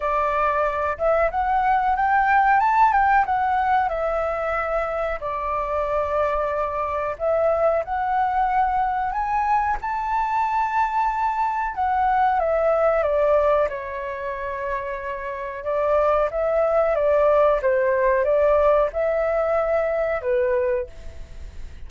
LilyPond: \new Staff \with { instrumentName = "flute" } { \time 4/4 \tempo 4 = 92 d''4. e''8 fis''4 g''4 | a''8 g''8 fis''4 e''2 | d''2. e''4 | fis''2 gis''4 a''4~ |
a''2 fis''4 e''4 | d''4 cis''2. | d''4 e''4 d''4 c''4 | d''4 e''2 b'4 | }